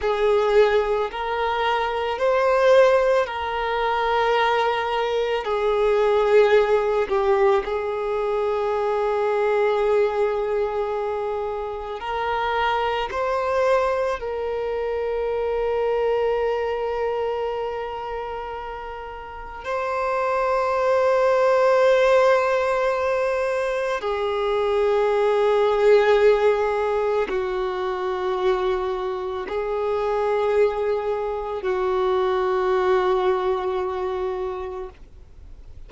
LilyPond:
\new Staff \with { instrumentName = "violin" } { \time 4/4 \tempo 4 = 55 gis'4 ais'4 c''4 ais'4~ | ais'4 gis'4. g'8 gis'4~ | gis'2. ais'4 | c''4 ais'2.~ |
ais'2 c''2~ | c''2 gis'2~ | gis'4 fis'2 gis'4~ | gis'4 fis'2. | }